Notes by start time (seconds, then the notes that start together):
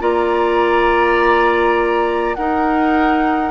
0.00 A#3 F4 D5 A#5
2.35 D#4 A#4 F#5